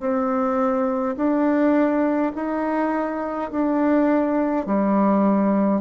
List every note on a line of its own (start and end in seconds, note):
0.00 1.15 C4
1.16 2.32 D4
2.35 3.51 D#4
3.51 4.66 D4
4.66 5.81 G3